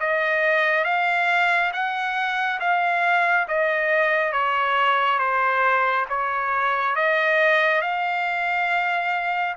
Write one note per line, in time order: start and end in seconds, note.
0.00 0.85 D#5
0.85 1.72 F5
1.73 2.60 F#5
2.60 3.47 F5
3.48 4.32 D#5
4.32 5.19 C#5
5.19 6.06 C5
6.09 6.96 C#5
6.96 7.81 D#5
7.81 9.55 F5